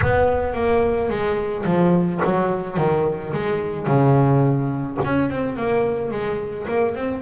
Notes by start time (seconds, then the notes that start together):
0.02 B3
0.54 A#3
1.09 G#3
1.65 F3
2.24 F#3
2.77 D#3
3.33 G#3
3.86 C#3
5.04 C#4
5.30 C4
5.56 A#3
6.11 G#3
6.68 A#3
6.95 C4